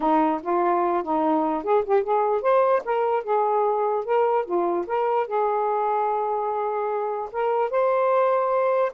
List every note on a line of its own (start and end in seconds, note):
0.00 0.41 D#4
0.42 1.03 F4
1.03 1.63 D#4
1.63 1.84 G#4
1.84 2.03 G4
2.03 2.41 G#4
2.41 2.82 C5
2.84 3.23 A#4
3.23 4.04 G#4
4.04 4.45 A#4
4.45 4.85 F4
4.86 5.27 A#4
5.27 7.29 G#4
7.32 7.70 A#4
7.70 8.92 C5